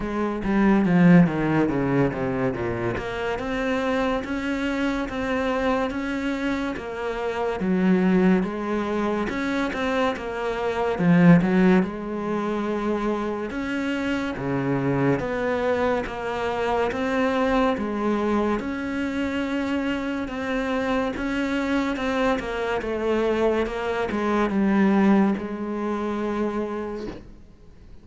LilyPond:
\new Staff \with { instrumentName = "cello" } { \time 4/4 \tempo 4 = 71 gis8 g8 f8 dis8 cis8 c8 ais,8 ais8 | c'4 cis'4 c'4 cis'4 | ais4 fis4 gis4 cis'8 c'8 | ais4 f8 fis8 gis2 |
cis'4 cis4 b4 ais4 | c'4 gis4 cis'2 | c'4 cis'4 c'8 ais8 a4 | ais8 gis8 g4 gis2 | }